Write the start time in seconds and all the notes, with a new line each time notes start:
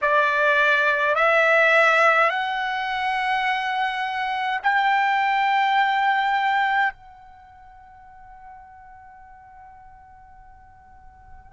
0.01 D5
1.15 E5
2.29 F#5
4.62 G5
6.93 F#5